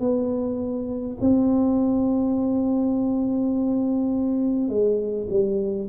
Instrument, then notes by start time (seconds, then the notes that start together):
tuba
0.00 B3
1.20 C4
4.68 G#3
5.30 G3